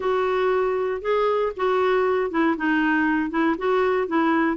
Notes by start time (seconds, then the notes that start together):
0.00 F#4
1.01 G#4
1.56 F#4
2.30 E4
2.57 D#4
3.30 E4
3.58 F#4
4.07 E4